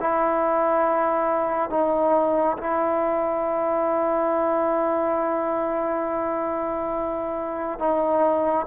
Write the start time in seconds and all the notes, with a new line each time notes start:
0.00 E4
1.70 D#4
2.58 E4
7.79 D#4